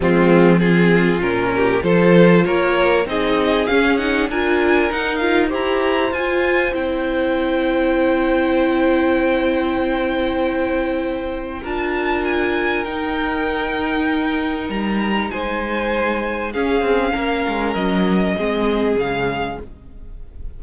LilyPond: <<
  \new Staff \with { instrumentName = "violin" } { \time 4/4 \tempo 4 = 98 f'4 gis'4 ais'4 c''4 | cis''4 dis''4 f''8 fis''8 gis''4 | fis''8 f''8 ais''4 gis''4 g''4~ | g''1~ |
g''2. a''4 | gis''4 g''2. | ais''4 gis''2 f''4~ | f''4 dis''2 f''4 | }
  \new Staff \with { instrumentName = "violin" } { \time 4/4 c'4 f'4. g'8 a'4 | ais'4 gis'2 ais'4~ | ais'4 c''2.~ | c''1~ |
c''2. ais'4~ | ais'1~ | ais'4 c''2 gis'4 | ais'2 gis'2 | }
  \new Staff \with { instrumentName = "viola" } { \time 4/4 gis4 c'4 cis'4 f'4~ | f'4 dis'4 cis'8 dis'8 f'4 | dis'8 f'8 g'4 f'4 e'4~ | e'1~ |
e'2. f'4~ | f'4 dis'2.~ | dis'2. cis'4~ | cis'2 c'4 gis4 | }
  \new Staff \with { instrumentName = "cello" } { \time 4/4 f2 ais,4 f4 | ais4 c'4 cis'4 d'4 | dis'4 e'4 f'4 c'4~ | c'1~ |
c'2. d'4~ | d'4 dis'2. | g4 gis2 cis'8 c'8 | ais8 gis8 fis4 gis4 cis4 | }
>>